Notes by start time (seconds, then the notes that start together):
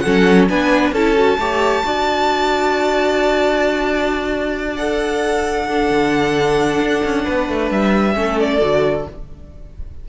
0.00 F#3 C#4 A4 F#5
0.49 B3 D4 B4 G#5
0.92 C#4 E4 A4 A5
1.16 F#4
1.38 A3 G4 C#5
1.84 D4 F#4 D5
4.77 A4 F#5
5.68 D4 A4
5.91 D3
6.82 D4
7.04 C#4
7.24 B3 B4
7.49 A3
7.71 G3 E5
8.15 A3 C#4 A4
8.40 D5
8.61 D3 F#4